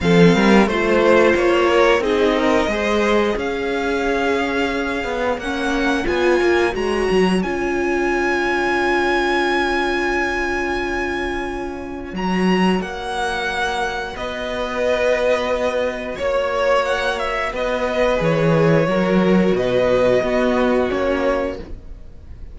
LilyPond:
<<
  \new Staff \with { instrumentName = "violin" } { \time 4/4 \tempo 4 = 89 f''4 c''4 cis''4 dis''4~ | dis''4 f''2. | fis''4 gis''4 ais''4 gis''4~ | gis''1~ |
gis''2 ais''4 fis''4~ | fis''4 dis''2. | cis''4 fis''8 e''8 dis''4 cis''4~ | cis''4 dis''2 cis''4 | }
  \new Staff \with { instrumentName = "violin" } { \time 4/4 a'8 ais'8 c''4. ais'8 gis'8 ais'8 | c''4 cis''2.~ | cis''1~ | cis''1~ |
cis''1~ | cis''4 b'2. | cis''2 b'2 | ais'4 b'4 fis'2 | }
  \new Staff \with { instrumentName = "viola" } { \time 4/4 c'4 f'2 dis'4 | gis'1 | cis'4 f'4 fis'4 f'4~ | f'1~ |
f'2 fis'2~ | fis'1~ | fis'2. gis'4 | fis'2 b4 cis'4 | }
  \new Staff \with { instrumentName = "cello" } { \time 4/4 f8 g8 a4 ais4 c'4 | gis4 cis'2~ cis'8 b8 | ais4 b8 ais8 gis8 fis8 cis'4~ | cis'1~ |
cis'2 fis4 ais4~ | ais4 b2. | ais2 b4 e4 | fis4 b,4 b4 ais4 | }
>>